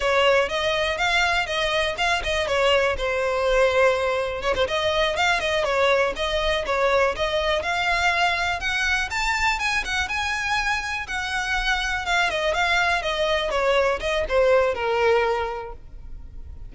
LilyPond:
\new Staff \with { instrumentName = "violin" } { \time 4/4 \tempo 4 = 122 cis''4 dis''4 f''4 dis''4 | f''8 dis''8 cis''4 c''2~ | c''4 cis''16 c''16 dis''4 f''8 dis''8 cis''8~ | cis''8 dis''4 cis''4 dis''4 f''8~ |
f''4. fis''4 a''4 gis''8 | fis''8 gis''2 fis''4.~ | fis''8 f''8 dis''8 f''4 dis''4 cis''8~ | cis''8 dis''8 c''4 ais'2 | }